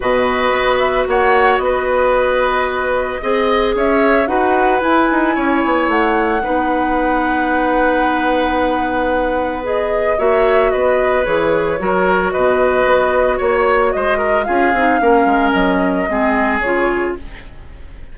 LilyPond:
<<
  \new Staff \with { instrumentName = "flute" } { \time 4/4 \tempo 4 = 112 dis''4. e''8 fis''4 dis''4~ | dis''2. e''4 | fis''4 gis''2 fis''4~ | fis''1~ |
fis''2 dis''4 e''4 | dis''4 cis''2 dis''4~ | dis''4 cis''4 dis''4 f''4~ | f''4 dis''2 cis''4 | }
  \new Staff \with { instrumentName = "oboe" } { \time 4/4 b'2 cis''4 b'4~ | b'2 dis''4 cis''4 | b'2 cis''2 | b'1~ |
b'2. cis''4 | b'2 ais'4 b'4~ | b'4 cis''4 c''8 ais'8 gis'4 | ais'2 gis'2 | }
  \new Staff \with { instrumentName = "clarinet" } { \time 4/4 fis'1~ | fis'2 gis'2 | fis'4 e'2. | dis'1~ |
dis'2 gis'4 fis'4~ | fis'4 gis'4 fis'2~ | fis'2. f'8 dis'8 | cis'2 c'4 f'4 | }
  \new Staff \with { instrumentName = "bassoon" } { \time 4/4 b,4 b4 ais4 b4~ | b2 c'4 cis'4 | dis'4 e'8 dis'8 cis'8 b8 a4 | b1~ |
b2. ais4 | b4 e4 fis4 b,4 | b4 ais4 gis4 cis'8 c'8 | ais8 gis8 fis4 gis4 cis4 | }
>>